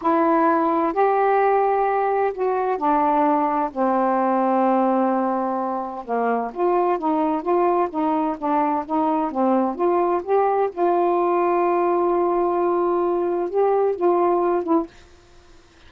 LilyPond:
\new Staff \with { instrumentName = "saxophone" } { \time 4/4 \tempo 4 = 129 e'2 g'2~ | g'4 fis'4 d'2 | c'1~ | c'4 ais4 f'4 dis'4 |
f'4 dis'4 d'4 dis'4 | c'4 f'4 g'4 f'4~ | f'1~ | f'4 g'4 f'4. e'8 | }